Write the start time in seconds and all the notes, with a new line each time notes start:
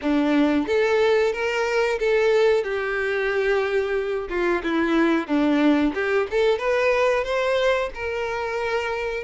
0.01 D4
0.67 A4
1.32 A#4
1.99 A4
2.63 G4
4.29 F4
4.63 E4
5.27 D4
5.94 G4
6.30 A4
6.58 B4
7.23 C5
7.94 A#4